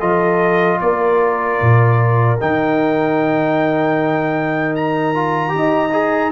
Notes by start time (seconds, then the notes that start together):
0.00 F3 F4 A4 D#5
0.81 A#3 A#4 D5
1.61 A#2
2.40 D#3 D#4 G5
4.75 A#5
5.15 F4
5.49 D#4 G4
5.56 D#5
5.93 G#4